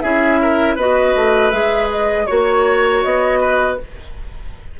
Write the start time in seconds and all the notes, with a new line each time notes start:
0.00 C#4 E4 G#4 E5
0.41 A#4
0.75 B3 F#4 B4 D#5
1.15 A3
1.50 G#3 G#4 E5
1.90 D#5
2.26 A#3 F#4 C#5
3.02 B3 D#5
3.40 B4